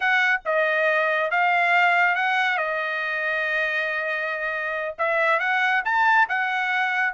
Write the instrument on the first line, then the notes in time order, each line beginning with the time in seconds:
trumpet
0.00 F#5
0.45 D#5
1.30 F5
2.15 F#5
2.57 D#5
4.98 E5
5.39 F#5
5.84 A5
6.28 F#5